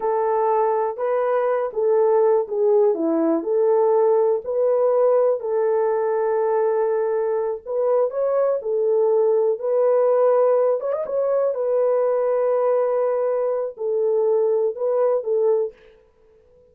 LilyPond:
\new Staff \with { instrumentName = "horn" } { \time 4/4 \tempo 4 = 122 a'2 b'4. a'8~ | a'4 gis'4 e'4 a'4~ | a'4 b'2 a'4~ | a'2.~ a'8 b'8~ |
b'8 cis''4 a'2 b'8~ | b'2 cis''16 dis''16 cis''4 b'8~ | b'1 | a'2 b'4 a'4 | }